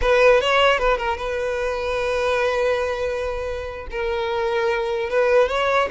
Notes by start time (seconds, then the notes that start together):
0.01 B4
0.40 C#5
0.78 B4
0.97 A#4
1.17 B4
3.90 A#4
5.09 B4
5.48 C#5